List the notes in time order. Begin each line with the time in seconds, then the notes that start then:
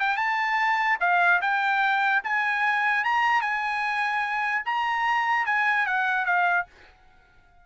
0.00 G5
0.17 A5
1.00 F5
1.42 G5
2.24 G#5
3.04 A#5
3.42 G#5
4.65 A#5
5.46 G#5
5.86 F#5
6.26 F5